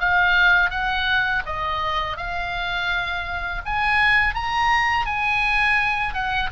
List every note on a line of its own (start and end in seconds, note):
0.00 0.70 F5
0.70 1.43 F#5
1.46 2.17 D#5
2.17 3.62 F5
3.65 4.35 G#5
4.35 5.06 A#5
5.06 6.14 G#5
6.14 6.50 F#5